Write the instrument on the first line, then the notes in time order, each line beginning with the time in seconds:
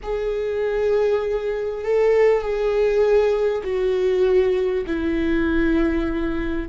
viola
0.02 G#4
1.84 A4
2.41 G#4
3.63 F#4
4.86 E4